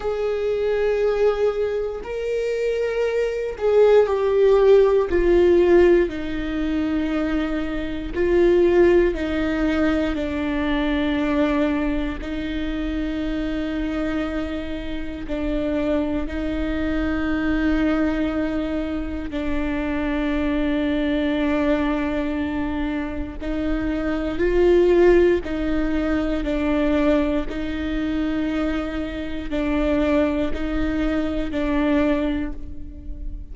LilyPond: \new Staff \with { instrumentName = "viola" } { \time 4/4 \tempo 4 = 59 gis'2 ais'4. gis'8 | g'4 f'4 dis'2 | f'4 dis'4 d'2 | dis'2. d'4 |
dis'2. d'4~ | d'2. dis'4 | f'4 dis'4 d'4 dis'4~ | dis'4 d'4 dis'4 d'4 | }